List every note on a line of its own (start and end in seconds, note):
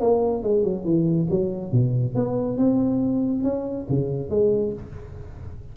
0.00 0.43 A#3
0.43 0.64 G#3
0.64 0.84 F#3
0.84 1.27 E3
1.30 1.71 F#3
1.71 2.15 B2
2.15 2.57 B3
2.57 3.43 C4
3.43 3.87 C#4
3.89 4.29 C#3
4.29 4.73 G#3